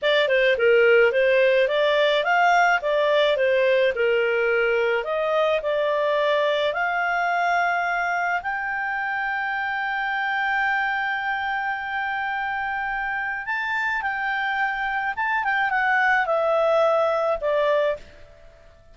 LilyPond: \new Staff \with { instrumentName = "clarinet" } { \time 4/4 \tempo 4 = 107 d''8 c''8 ais'4 c''4 d''4 | f''4 d''4 c''4 ais'4~ | ais'4 dis''4 d''2 | f''2. g''4~ |
g''1~ | g''1 | a''4 g''2 a''8 g''8 | fis''4 e''2 d''4 | }